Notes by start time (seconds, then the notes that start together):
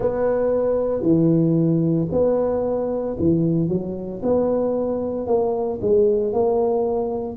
0.00 B3
1.02 E3
2.11 B3
3.19 E3
3.68 F#3
4.22 B3
5.26 A#3
5.81 G#3
6.32 A#3